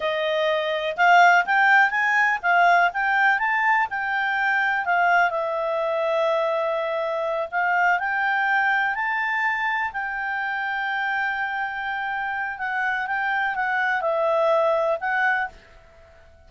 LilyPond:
\new Staff \with { instrumentName = "clarinet" } { \time 4/4 \tempo 4 = 124 dis''2 f''4 g''4 | gis''4 f''4 g''4 a''4 | g''2 f''4 e''4~ | e''2.~ e''8 f''8~ |
f''8 g''2 a''4.~ | a''8 g''2.~ g''8~ | g''2 fis''4 g''4 | fis''4 e''2 fis''4 | }